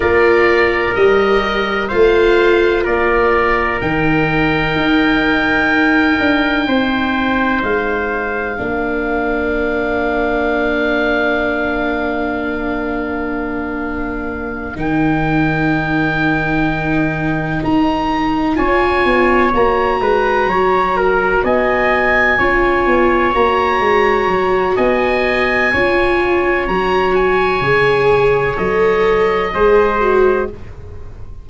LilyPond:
<<
  \new Staff \with { instrumentName = "oboe" } { \time 4/4 \tempo 4 = 63 d''4 dis''4 f''4 d''4 | g''1 | f''1~ | f''2.~ f''8 g''8~ |
g''2~ g''8 ais''4 gis''8~ | gis''8 ais''2 gis''4.~ | gis''8 ais''4. gis''2 | ais''8 gis''4. dis''2 | }
  \new Staff \with { instrumentName = "trumpet" } { \time 4/4 ais'2 c''4 ais'4~ | ais'2. c''4~ | c''4 ais'2.~ | ais'1~ |
ais'2.~ ais'8 cis''8~ | cis''4 b'8 cis''8 ais'8 dis''4 cis''8~ | cis''2 dis''4 cis''4~ | cis''2. c''4 | }
  \new Staff \with { instrumentName = "viola" } { \time 4/4 f'4 g'4 f'2 | dis'1~ | dis'4 d'2.~ | d'2.~ d'8 dis'8~ |
dis'2.~ dis'8 f'8~ | f'8 fis'2. f'8~ | f'8 fis'2~ fis'8 f'4 | fis'4 gis'4 a'4 gis'8 fis'8 | }
  \new Staff \with { instrumentName = "tuba" } { \time 4/4 ais4 g4 a4 ais4 | dis4 dis'4. d'8 c'4 | gis4 ais2.~ | ais2.~ ais8 dis8~ |
dis2~ dis8 dis'4 cis'8 | b8 ais8 gis8 fis4 b4 cis'8 | b8 ais8 gis8 fis8 b4 cis'4 | fis4 cis4 fis4 gis4 | }
>>